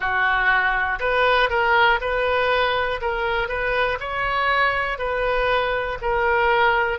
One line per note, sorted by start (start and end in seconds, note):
0.00 0.99 F#4
1.00 1.49 B4
1.49 1.99 A#4
2.00 3.00 B4
3.01 3.48 A#4
3.48 3.98 B4
4.00 4.98 C#5
4.98 5.98 B4
6.01 6.98 A#4